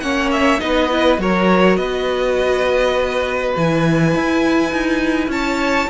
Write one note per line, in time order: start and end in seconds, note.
0.00 0.61 A#3
0.00 0.59 C#4
0.00 0.61 C#5
0.00 0.29 F#5
0.31 0.59 E5
0.59 1.18 B3
0.59 0.89 D#4
0.59 1.21 B4
0.59 1.18 D#5
0.90 1.20 E4
1.18 1.77 F#3
1.18 3.55 F#4
1.18 1.78 A#4
1.18 1.77 C#5
1.77 3.53 B3
1.77 5.30 B4
1.77 3.53 D#5
3.56 4.15 E3
3.56 5.90 E4
3.56 5.31 G#5
4.15 4.72 E4
4.72 5.28 D#4
5.28 5.86 C#4
5.28 5.89 C#5
5.28 5.90 A5